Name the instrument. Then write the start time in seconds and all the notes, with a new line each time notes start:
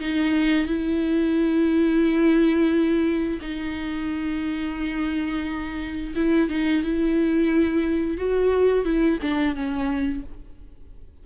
viola
0.00 D#4
0.67 E4
3.41 D#4
6.15 E4
6.49 D#4
6.83 E4
8.18 F#4
8.85 E4
9.22 D4
9.55 C#4